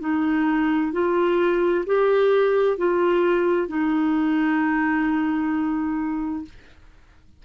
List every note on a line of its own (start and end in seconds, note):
0.00 0.92 D#4
0.92 1.85 F4
1.86 2.77 G4
2.77 3.68 F4
3.68 6.45 D#4